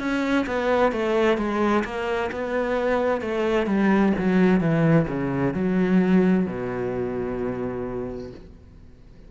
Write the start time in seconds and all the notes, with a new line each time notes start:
0.00 C#4
0.47 B3
0.93 A3
1.38 G#3
1.85 A#3
2.32 B3
3.21 A3
3.67 G3
4.19 F#3
4.61 E3
5.09 C#3
5.54 F#3
6.47 B2